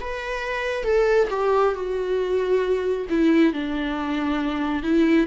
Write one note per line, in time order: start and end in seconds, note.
0.00 0.83 B4
0.83 1.28 A4
1.30 1.74 G4
1.74 3.06 F#4
3.10 3.53 E4
3.53 4.82 D4
4.82 5.27 E4